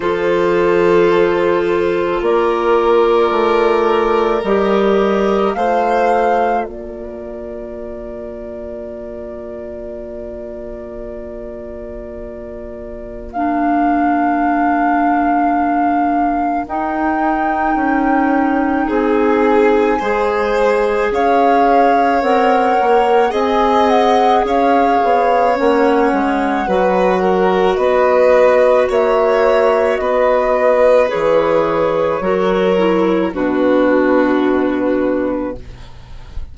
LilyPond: <<
  \new Staff \with { instrumentName = "flute" } { \time 4/4 \tempo 4 = 54 c''2 d''2 | dis''4 f''4 d''2~ | d''1 | f''2. g''4~ |
g''4 gis''2 f''4 | fis''4 gis''8 fis''8 f''4 fis''4~ | fis''4 dis''4 e''4 dis''4 | cis''2 b'2 | }
  \new Staff \with { instrumentName = "violin" } { \time 4/4 a'2 ais'2~ | ais'4 c''4 ais'2~ | ais'1~ | ais'1~ |
ais'4 gis'4 c''4 cis''4~ | cis''4 dis''4 cis''2 | b'8 ais'8 b'4 cis''4 b'4~ | b'4 ais'4 fis'2 | }
  \new Staff \with { instrumentName = "clarinet" } { \time 4/4 f'1 | g'4 f'2.~ | f'1 | d'2. dis'4~ |
dis'2 gis'2 | ais'4 gis'2 cis'4 | fis'1 | gis'4 fis'8 e'8 d'2 | }
  \new Staff \with { instrumentName = "bassoon" } { \time 4/4 f2 ais4 a4 | g4 a4 ais2~ | ais1~ | ais2. dis'4 |
cis'4 c'4 gis4 cis'4 | c'8 ais8 c'4 cis'8 b8 ais8 gis8 | fis4 b4 ais4 b4 | e4 fis4 b,2 | }
>>